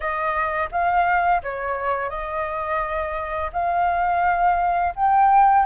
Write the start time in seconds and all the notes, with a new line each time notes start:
0.00 D#5
0.71 F5
1.42 C#5
2.09 D#5
3.52 F5
4.95 G5